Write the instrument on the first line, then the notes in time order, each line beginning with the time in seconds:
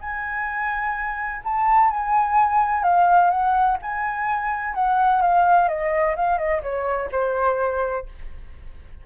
flute
0.00 G#5
1.44 A5
1.90 G#5
2.83 F5
3.30 F#5
3.82 G#5
4.74 F#5
5.21 F5
5.68 D#5
6.16 F5
6.38 D#5
6.62 C#5
7.11 C5